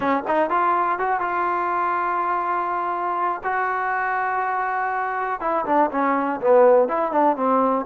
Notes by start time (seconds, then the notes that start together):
0.00 C#4
0.27 D#4
0.50 F4
0.98 F#4
1.20 F4
3.43 F#4
5.40 E4
5.65 D4
5.91 C#4
6.41 B3
6.88 E4
7.11 D4
7.36 C4